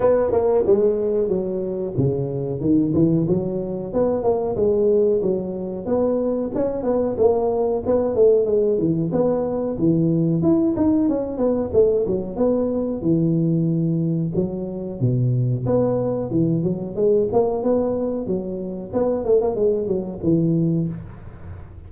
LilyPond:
\new Staff \with { instrumentName = "tuba" } { \time 4/4 \tempo 4 = 92 b8 ais8 gis4 fis4 cis4 | dis8 e8 fis4 b8 ais8 gis4 | fis4 b4 cis'8 b8 ais4 | b8 a8 gis8 e8 b4 e4 |
e'8 dis'8 cis'8 b8 a8 fis8 b4 | e2 fis4 b,4 | b4 e8 fis8 gis8 ais8 b4 | fis4 b8 a16 ais16 gis8 fis8 e4 | }